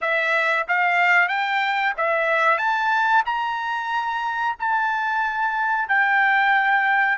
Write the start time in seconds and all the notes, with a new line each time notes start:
0.01 E5
0.68 F5
1.28 G5
1.97 E5
2.58 A5
3.25 A#5
4.59 A5
5.88 G5